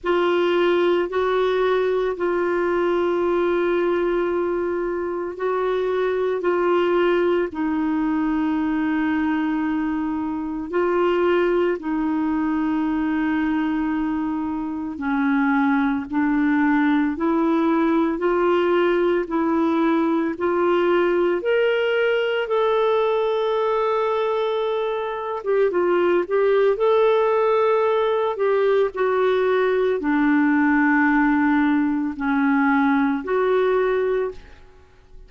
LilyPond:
\new Staff \with { instrumentName = "clarinet" } { \time 4/4 \tempo 4 = 56 f'4 fis'4 f'2~ | f'4 fis'4 f'4 dis'4~ | dis'2 f'4 dis'4~ | dis'2 cis'4 d'4 |
e'4 f'4 e'4 f'4 | ais'4 a'2~ a'8. g'16 | f'8 g'8 a'4. g'8 fis'4 | d'2 cis'4 fis'4 | }